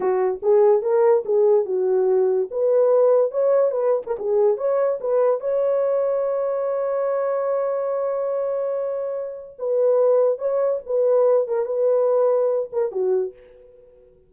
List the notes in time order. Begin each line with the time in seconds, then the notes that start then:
0.00 F#4
0.42 G#4
0.82 A#4
1.25 G#4
1.65 F#4
2.50 B4
3.31 C#5
3.71 B4
4.06 A#4
4.18 G#4
4.57 C#5
5.00 B4
5.40 C#5
9.59 B4
10.38 C#5
10.85 B4
11.47 A#4
11.65 B4
12.72 A#4
12.91 F#4